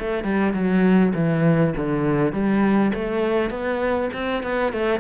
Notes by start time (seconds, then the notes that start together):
0.00 A3
0.24 G3
0.54 F#3
1.15 E3
1.77 D3
2.33 G3
2.95 A3
3.51 B3
4.14 C4
4.44 B3
4.73 A3